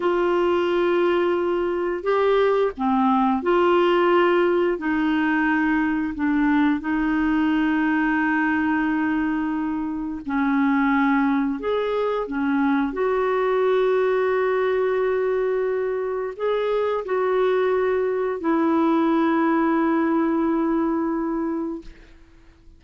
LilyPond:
\new Staff \with { instrumentName = "clarinet" } { \time 4/4 \tempo 4 = 88 f'2. g'4 | c'4 f'2 dis'4~ | dis'4 d'4 dis'2~ | dis'2. cis'4~ |
cis'4 gis'4 cis'4 fis'4~ | fis'1 | gis'4 fis'2 e'4~ | e'1 | }